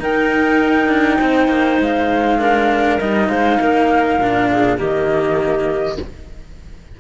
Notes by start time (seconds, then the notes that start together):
0.00 D#4 A#4 G5
0.88 D4
1.19 C4 C5
1.48 A#3
1.80 G#3 F5
2.39 D4 A#4
3.00 G3 D#4 D#5
3.29 G#3 C5 F5
3.60 A#3 A#4
4.19 A#2 D4
4.52 G#4
4.78 D#3 A#3 G4 D#5